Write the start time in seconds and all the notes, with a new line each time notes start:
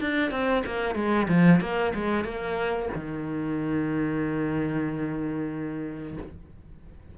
0.00 D4
0.30 C4
0.65 A#3
0.94 G#3
1.28 F3
1.60 A#3
1.94 G#3
2.24 A#3
2.95 D#3